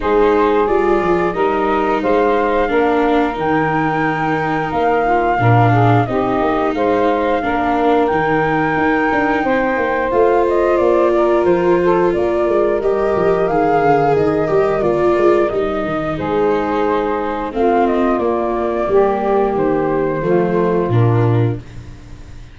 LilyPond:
<<
  \new Staff \with { instrumentName = "flute" } { \time 4/4 \tempo 4 = 89 c''4 d''4 dis''4 f''4~ | f''4 g''2 f''4~ | f''4 dis''4 f''2 | g''2. f''8 dis''8 |
d''4 c''4 d''4 dis''4 | f''4 dis''4 d''4 dis''4 | c''2 f''8 dis''8 d''4~ | d''4 c''2 ais'4 | }
  \new Staff \with { instrumentName = "saxophone" } { \time 4/4 gis'2 ais'4 c''4 | ais'2.~ ais'8 f'8 | ais'8 gis'8 g'4 c''4 ais'4~ | ais'2 c''2~ |
c''8 ais'4 a'8 ais'2~ | ais'1 | gis'2 f'2 | g'2 f'2 | }
  \new Staff \with { instrumentName = "viola" } { \time 4/4 dis'4 f'4 dis'2 | d'4 dis'2. | d'4 dis'2 d'4 | dis'2. f'4~ |
f'2. g'4 | gis'4. g'8 f'4 dis'4~ | dis'2 c'4 ais4~ | ais2 a4 d'4 | }
  \new Staff \with { instrumentName = "tuba" } { \time 4/4 gis4 g8 f8 g4 gis4 | ais4 dis2 ais4 | ais,4 c'8 ais8 gis4 ais4 | dis4 dis'8 d'8 c'8 ais8 a4 |
ais4 f4 ais8 gis8 g8 f8 | dis8 d8 dis8 g8 ais8 gis8 g8 dis8 | gis2 a4 ais4 | g4 dis4 f4 ais,4 | }
>>